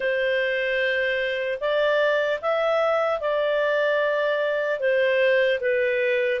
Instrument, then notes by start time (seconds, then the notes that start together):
clarinet
0.00 C5
1.60 D5
2.41 E5
3.20 D5
4.79 C5
5.60 B4